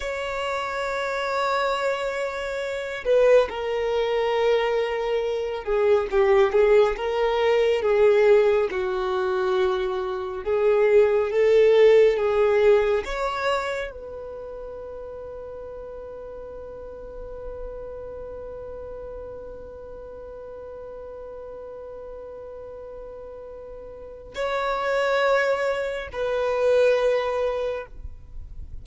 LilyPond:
\new Staff \with { instrumentName = "violin" } { \time 4/4 \tempo 4 = 69 cis''2.~ cis''8 b'8 | ais'2~ ais'8 gis'8 g'8 gis'8 | ais'4 gis'4 fis'2 | gis'4 a'4 gis'4 cis''4 |
b'1~ | b'1~ | b'1 | cis''2 b'2 | }